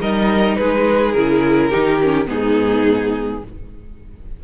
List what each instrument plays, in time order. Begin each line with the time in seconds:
0.00 cello G3, viola D#4, violin A#4 D#5
0.56 cello G#3, violin G#4 B4
1.12 cello C#3, viola E4, violin A#4
1.69 cello D#3, viola D#4, violin G4
2.03 viola C#4
2.26 cello G#2, viola B3, violin D#4 G#4